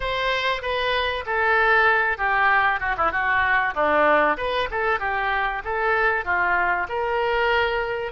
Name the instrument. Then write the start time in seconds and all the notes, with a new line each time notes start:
oboe
0.00 C5
0.61 B4
1.26 A4
2.17 G4
2.80 F#4
2.97 E4
3.11 F#4
3.74 D4
4.37 B4
4.70 A4
4.99 G4
5.64 A4
6.24 F4
6.88 A#4